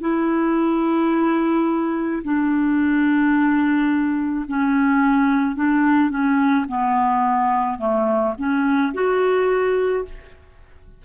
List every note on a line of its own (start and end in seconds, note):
0.00 2.22 E4
2.23 4.45 D4
4.47 5.55 C#4
5.55 6.10 D4
6.10 6.65 C#4
6.68 7.78 B3
7.78 8.33 A3
8.37 8.93 C#4
8.93 10.04 F#4